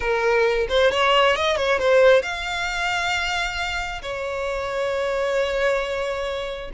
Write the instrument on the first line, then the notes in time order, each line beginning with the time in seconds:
violin
0.00 A#4
0.68 C5
0.91 C#5
1.36 D#5
1.56 C#5
1.78 C5
2.22 F5
4.02 C#5